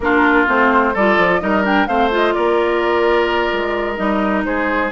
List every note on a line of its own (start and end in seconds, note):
0.00 0.46 A#3
0.00 0.47 D4
0.00 0.93 F4
0.00 0.47 A#4
0.47 0.95 A3
0.47 0.94 C4
0.47 0.95 C5
0.93 1.17 G3
0.93 1.40 F4
0.93 1.40 A4
0.93 1.40 D5
1.17 1.41 F3
1.40 1.87 G3
1.40 1.63 D#4
1.40 1.87 A#4
1.40 1.64 D#5
1.63 1.87 D4
1.63 1.86 G5
1.86 2.34 A3
1.86 2.11 C4
1.86 2.34 C5
1.86 2.10 F5
2.11 3.96 F4
2.11 2.33 D#5
2.33 3.52 A#3
2.33 4.45 A#4
2.33 3.96 D5
3.52 3.98 G#3
3.96 4.44 G3
3.96 4.90 D#4
3.96 4.42 D#5
4.44 4.91 G#3
4.44 4.91 G#4
4.44 4.91 C5